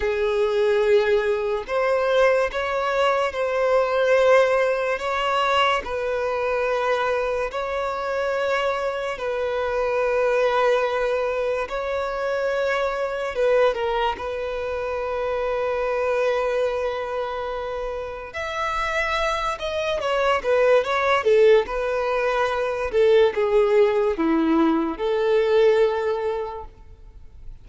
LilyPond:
\new Staff \with { instrumentName = "violin" } { \time 4/4 \tempo 4 = 72 gis'2 c''4 cis''4 | c''2 cis''4 b'4~ | b'4 cis''2 b'4~ | b'2 cis''2 |
b'8 ais'8 b'2.~ | b'2 e''4. dis''8 | cis''8 b'8 cis''8 a'8 b'4. a'8 | gis'4 e'4 a'2 | }